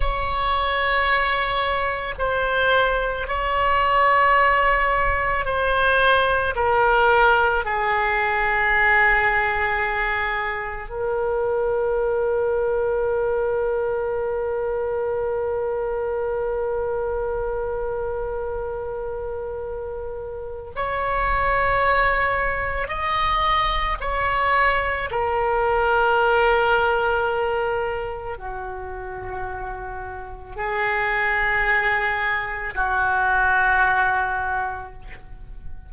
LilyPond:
\new Staff \with { instrumentName = "oboe" } { \time 4/4 \tempo 4 = 55 cis''2 c''4 cis''4~ | cis''4 c''4 ais'4 gis'4~ | gis'2 ais'2~ | ais'1~ |
ais'2. cis''4~ | cis''4 dis''4 cis''4 ais'4~ | ais'2 fis'2 | gis'2 fis'2 | }